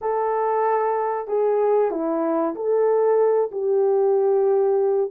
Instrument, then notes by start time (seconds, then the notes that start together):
horn
0.01 A4
1.27 G#4
1.91 E4
2.55 A4
3.51 G4